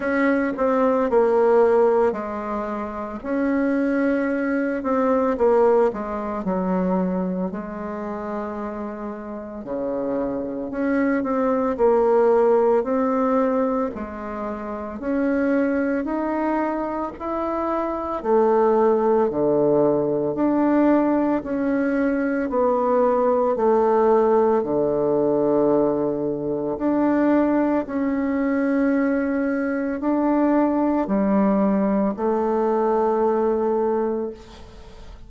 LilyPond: \new Staff \with { instrumentName = "bassoon" } { \time 4/4 \tempo 4 = 56 cis'8 c'8 ais4 gis4 cis'4~ | cis'8 c'8 ais8 gis8 fis4 gis4~ | gis4 cis4 cis'8 c'8 ais4 | c'4 gis4 cis'4 dis'4 |
e'4 a4 d4 d'4 | cis'4 b4 a4 d4~ | d4 d'4 cis'2 | d'4 g4 a2 | }